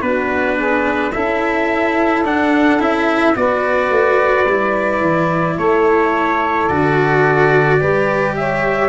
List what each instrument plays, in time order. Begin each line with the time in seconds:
0.00 tuba B3, cello D4, saxophone F#4, trumpet B4
0.56 saxophone G#4
1.12 tuba C#4, cello E4, saxophone A4, trumpet E5
2.24 tuba D4, cello D4, trumpet F#5
2.79 tuba C#4, cello E4, trumpet E5
3.35 tuba B3, cello F#4, saxophone B4, trumpet D5
3.90 tuba A3
4.45 tuba G3, cello E4
5.00 tuba E3
5.55 tuba A3, saxophone A4, trumpet C#5
6.68 tuba D3, cello F#4, trumpet D5
7.78 tuba G3, cello G4, saxophone B4
8.36 saxophone C#5, trumpet E5